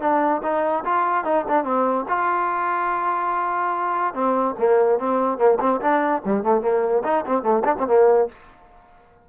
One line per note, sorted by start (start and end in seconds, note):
0.00 0.41 D4
0.43 0.84 D#4
0.85 1.24 F4
1.24 1.45 D#4
1.48 1.64 D4
1.64 2.05 C4
2.08 4.14 F4
4.14 4.55 C4
4.58 4.98 A#3
4.98 5.38 C4
5.38 5.58 A#3
5.60 5.80 C4
5.80 6.22 D4
6.25 6.43 G3
6.43 6.61 A3
6.61 7.03 A#3
7.04 7.25 D#4
7.26 7.43 C4
7.43 7.63 A3
7.64 7.75 D4
7.78 7.87 C4
7.87 8.28 A#3